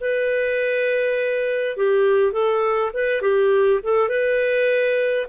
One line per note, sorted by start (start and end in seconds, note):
0.00 1.76 B4
1.77 2.32 G4
2.32 2.91 A4
2.93 3.21 B4
3.21 3.80 G4
3.83 4.09 A4
4.09 5.26 B4